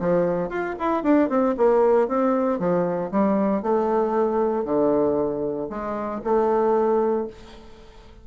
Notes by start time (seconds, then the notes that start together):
0.00 F3
0.50 F4
0.79 E4
1.03 D4
1.30 C4
1.58 A#3
2.08 C4
2.59 F3
3.11 G3
3.63 A3
4.65 D3
5.70 G#3
6.24 A3